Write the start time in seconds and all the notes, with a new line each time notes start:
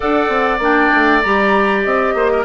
0.00 D4 A4 D5 F#5
0.28 C4
0.58 A#3 D4 G5
0.93 A3
1.21 G3 G4 A#5
1.83 C4 D#5
2.14 A#3 C5
2.31 A#4